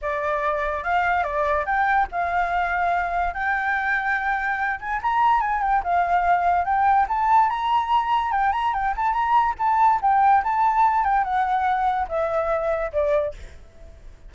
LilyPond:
\new Staff \with { instrumentName = "flute" } { \time 4/4 \tempo 4 = 144 d''2 f''4 d''4 | g''4 f''2. | g''2.~ g''8 gis''8 | ais''4 gis''8 g''8 f''2 |
g''4 a''4 ais''2 | g''8 ais''8 g''8 a''8 ais''4 a''4 | g''4 a''4. g''8 fis''4~ | fis''4 e''2 d''4 | }